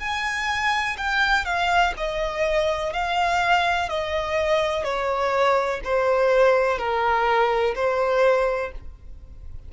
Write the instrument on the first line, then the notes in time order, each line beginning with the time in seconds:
violin
0.00 G#5
0.98 G5
1.45 F5
1.97 D#5
2.93 F5
3.89 D#5
4.84 C#5
5.84 C5
6.78 A#4
7.75 C5